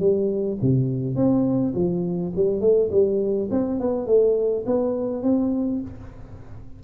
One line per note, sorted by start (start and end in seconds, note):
0.00 0.58 G3
0.62 1.16 C3
1.16 1.74 C4
1.75 2.33 F3
2.36 2.61 G3
2.61 2.90 A3
2.92 3.50 G3
3.51 3.80 C4
3.80 4.07 B3
4.07 4.65 A3
4.66 5.23 B3
5.23 5.81 C4